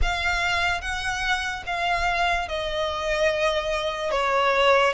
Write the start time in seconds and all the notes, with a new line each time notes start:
0.01 F5
0.81 F#5
1.66 F5
2.48 D#5
4.11 C#5